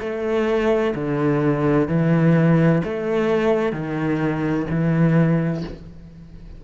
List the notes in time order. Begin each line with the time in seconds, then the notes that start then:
0.00 A3
0.95 D3
1.88 E3
2.84 A3
3.72 D#3
4.70 E3